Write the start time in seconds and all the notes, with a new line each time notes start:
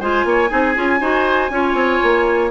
0.00 G#3 F4 C5 G#5
0.25 A#3 C#5
0.49 C4 D#4 G#4
0.75 C#4 F4
1.01 D#4 F#4 C5
1.50 C#4 F4 C#5
1.74 C4
2.03 A#3